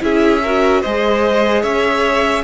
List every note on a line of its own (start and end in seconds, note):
0.00 0.83 C#4
0.00 0.41 E4
0.00 0.43 G#4
0.00 0.82 E5
0.43 0.85 F#4
0.43 0.82 A#4
0.82 1.64 G#3
0.82 2.44 G#4
0.82 1.62 C5
0.82 1.63 D#5
1.62 2.44 C#4
1.62 2.43 C#5
1.62 2.44 E5